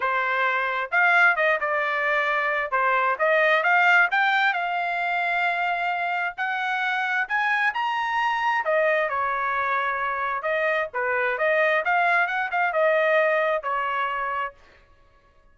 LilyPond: \new Staff \with { instrumentName = "trumpet" } { \time 4/4 \tempo 4 = 132 c''2 f''4 dis''8 d''8~ | d''2 c''4 dis''4 | f''4 g''4 f''2~ | f''2 fis''2 |
gis''4 ais''2 dis''4 | cis''2. dis''4 | b'4 dis''4 f''4 fis''8 f''8 | dis''2 cis''2 | }